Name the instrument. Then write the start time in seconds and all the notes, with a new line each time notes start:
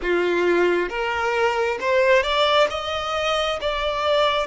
violin
0.02 F4
0.89 A#4
1.80 C5
2.22 D5
2.70 D#5
3.61 D5